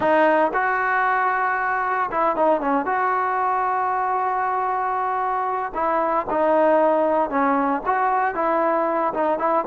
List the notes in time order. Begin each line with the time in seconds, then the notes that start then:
0.00 D#4
0.53 F#4
2.11 E4
2.35 D#4
2.60 C#4
2.85 F#4
5.74 E4
6.29 D#4
7.29 C#4
7.85 F#4
8.34 E4
9.13 D#4
9.38 E4